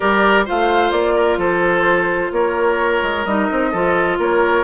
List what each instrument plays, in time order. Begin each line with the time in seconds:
0.00 bassoon G3, clarinet G4, oboe A#4, flute D5
0.45 bassoon A3, clarinet F4, oboe C5, flute F5
0.91 bassoon A#3, flute D5
1.15 oboe A#4
1.37 bassoon F3, oboe A4, flute C5
2.31 bassoon A#3, oboe A#4, flute C#5
3.02 bassoon G#3
3.24 bassoon G3, clarinet D#4, flute D#5
3.51 bassoon C4
3.71 bassoon F3, clarinet F4, oboe A4
4.18 bassoon A#3, oboe A#4, flute C#5